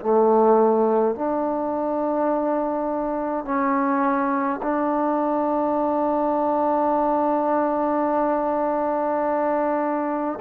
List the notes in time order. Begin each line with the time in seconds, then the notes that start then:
0.00 A3
1.15 D4
3.45 C#4
4.62 D4